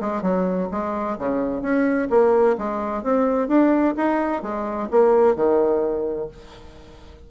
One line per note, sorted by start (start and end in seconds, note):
0.00 0.22 G#3
0.22 0.68 F#3
0.71 1.17 G#3
1.18 1.62 C#3
1.62 2.08 C#4
2.10 2.56 A#3
2.58 3.03 G#3
3.03 3.48 C4
3.48 3.94 D4
3.96 4.42 D#4
4.42 4.89 G#3
4.90 5.35 A#3
5.35 6.28 D#3